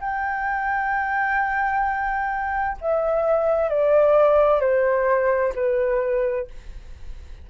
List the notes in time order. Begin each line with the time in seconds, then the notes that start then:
0.00 G5
2.81 E5
3.69 D5
4.60 C5
5.55 B4